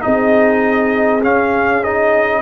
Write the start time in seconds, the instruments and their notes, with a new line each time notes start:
0.00 trombone D#4, horn G#4, trumpet D#5
0.07 tuba C4
1.24 trombone C#4, tuba C#4, trumpet F5
1.84 trombone D#4, trumpet D#5